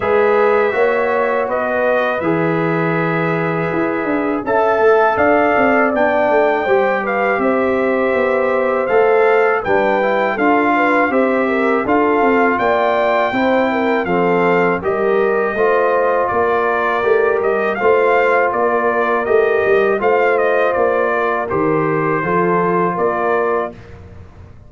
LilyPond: <<
  \new Staff \with { instrumentName = "trumpet" } { \time 4/4 \tempo 4 = 81 e''2 dis''4 e''4~ | e''2 a''4 f''4 | g''4. f''8 e''2 | f''4 g''4 f''4 e''4 |
f''4 g''2 f''4 | dis''2 d''4. dis''8 | f''4 d''4 dis''4 f''8 dis''8 | d''4 c''2 d''4 | }
  \new Staff \with { instrumentName = "horn" } { \time 4/4 b'4 cis''4 b'2~ | b'2 e''4 d''4~ | d''4 c''8 b'8 c''2~ | c''4 b'4 a'8 b'8 c''8 ais'8 |
a'4 d''4 c''8 ais'8 a'4 | ais'4 c''4 ais'2 | c''4 ais'2 c''4~ | c''8 ais'4. a'4 ais'4 | }
  \new Staff \with { instrumentName = "trombone" } { \time 4/4 gis'4 fis'2 gis'4~ | gis'2 a'2 | d'4 g'2. | a'4 d'8 e'8 f'4 g'4 |
f'2 e'4 c'4 | g'4 f'2 g'4 | f'2 g'4 f'4~ | f'4 g'4 f'2 | }
  \new Staff \with { instrumentName = "tuba" } { \time 4/4 gis4 ais4 b4 e4~ | e4 e'8 d'8 cis'8 a8 d'8 c'8 | b8 a8 g4 c'4 b4 | a4 g4 d'4 c'4 |
d'8 c'8 ais4 c'4 f4 | g4 a4 ais4 a8 g8 | a4 ais4 a8 g8 a4 | ais4 dis4 f4 ais4 | }
>>